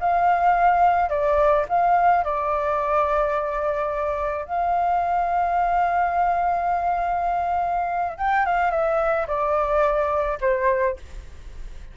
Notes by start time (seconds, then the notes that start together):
0.00 F5
1.10 D5
1.69 F5
2.24 D5
4.46 F5
8.18 G5
8.46 F5
8.71 E5
9.27 D5
10.41 C5